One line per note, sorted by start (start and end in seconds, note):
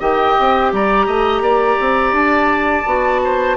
0.00 0.36 D#3
0.00 2.86 G4
0.00 0.71 D#5
0.00 0.73 G5
0.40 0.72 C4
0.72 1.07 G3
0.72 1.07 D5
0.72 2.15 A#5
1.07 1.41 A3
1.07 1.42 D#5
1.41 1.77 A#3
1.41 3.21 D5
1.81 2.12 C4
2.12 2.84 D4
2.12 3.57 A5
2.86 3.57 B3
2.86 3.57 F#4
3.24 3.57 C5